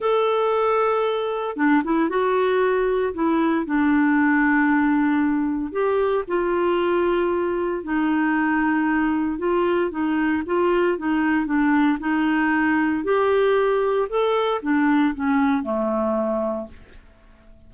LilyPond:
\new Staff \with { instrumentName = "clarinet" } { \time 4/4 \tempo 4 = 115 a'2. d'8 e'8 | fis'2 e'4 d'4~ | d'2. g'4 | f'2. dis'4~ |
dis'2 f'4 dis'4 | f'4 dis'4 d'4 dis'4~ | dis'4 g'2 a'4 | d'4 cis'4 a2 | }